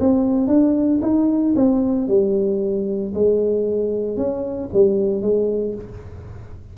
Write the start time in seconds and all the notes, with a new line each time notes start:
0.00 C4
0.47 D4
1.02 D#4
1.56 C4
2.08 G3
3.14 G#3
4.17 C#4
4.73 G3
5.22 G#3